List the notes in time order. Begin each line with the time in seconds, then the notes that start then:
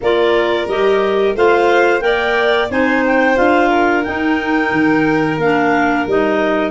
0.01 A#3 F4 A#4 D5
0.67 G3 G4 D#5
1.35 A3 F4 C5 F5
2.00 A#3 A#4 D5 G5
2.70 C4 D#4 C5 G#5
3.05 G5
3.35 D4 F4 F5
3.68 A#4
4.03 D#4 G5
4.71 D#3
5.37 A#3 D4 F5
6.06 G3 D#4 D#5